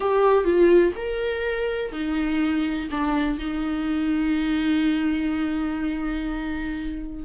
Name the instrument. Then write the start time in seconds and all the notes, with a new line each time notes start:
viola
0.00 G4
0.44 F4
0.96 A#4
1.92 D#4
2.90 D4
3.38 D#4